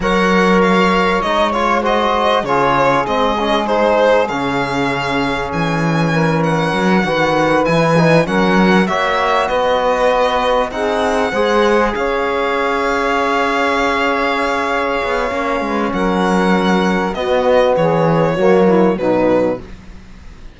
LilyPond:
<<
  \new Staff \with { instrumentName = "violin" } { \time 4/4 \tempo 4 = 98 fis''4 f''4 dis''8 cis''8 dis''4 | cis''4 dis''4 c''4 f''4~ | f''4 gis''4. fis''4.~ | fis''8 gis''4 fis''4 e''4 dis''8~ |
dis''4. fis''2 f''8~ | f''1~ | f''2 fis''2 | dis''4 cis''2 b'4 | }
  \new Staff \with { instrumentName = "saxophone" } { \time 4/4 cis''2. c''4 | gis'1~ | gis'2 ais'4. b'8~ | b'4. ais'4 cis''4 b'8~ |
b'4. gis'4 c''4 cis''8~ | cis''1~ | cis''4. b'8 ais'2 | fis'4 gis'4 fis'8 e'8 dis'4 | }
  \new Staff \with { instrumentName = "trombone" } { \time 4/4 ais'2 dis'8 f'8 fis'4 | f'4 c'8 cis'8 dis'4 cis'4~ | cis'2.~ cis'8 fis'8~ | fis'8 e'8 dis'8 cis'4 fis'4.~ |
fis'4. dis'4 gis'4.~ | gis'1~ | gis'4 cis'2. | b2 ais4 fis4 | }
  \new Staff \with { instrumentName = "cello" } { \time 4/4 fis2 gis2 | cis4 gis2 cis4~ | cis4 e2 fis8 dis8~ | dis8 e4 fis4 ais4 b8~ |
b4. c'4 gis4 cis'8~ | cis'1~ | cis'8 b8 ais8 gis8 fis2 | b4 e4 fis4 b,4 | }
>>